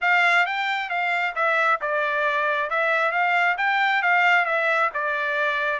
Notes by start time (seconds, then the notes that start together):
0.01 F5
0.46 G5
0.89 F5
1.35 E5
1.81 D5
2.70 E5
3.11 F5
3.57 G5
4.02 F5
4.45 E5
4.94 D5